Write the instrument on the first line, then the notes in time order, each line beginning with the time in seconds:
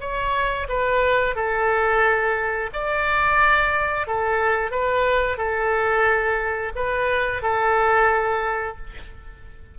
oboe
0.00 C#5
0.68 B4
1.35 A4
2.73 D5
4.07 A4
4.71 B4
5.37 A4
6.75 B4
7.42 A4